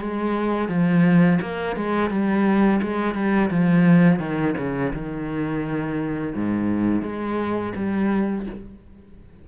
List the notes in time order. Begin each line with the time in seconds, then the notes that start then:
0.00 G#3
0.68 F3
1.41 A#3
1.76 G#3
2.10 G3
2.82 G#3
3.14 G3
3.50 F3
4.19 D#3
4.57 C#3
4.93 D#3
6.35 G#2
7.02 G#3
7.76 G3